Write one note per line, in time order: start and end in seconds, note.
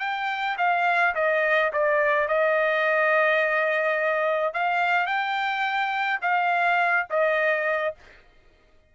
0.00 0.57 G5
0.58 1.14 F5
1.15 1.72 D#5
1.73 2.28 D5
2.28 4.54 D#5
4.54 5.07 F5
5.07 6.20 G5
6.22 7.07 F5
7.10 7.95 D#5